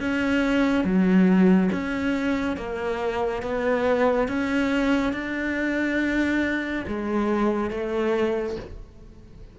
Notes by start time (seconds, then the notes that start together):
0.00 C#4
0.84 F#3
1.72 C#4
2.57 A#3
3.42 B3
4.28 C#4
5.13 D4
6.87 G#3
7.70 A3